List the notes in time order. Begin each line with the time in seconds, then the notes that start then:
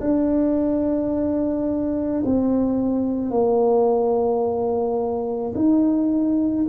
0.00 D4
2.25 C4
3.30 A#3
5.55 D#4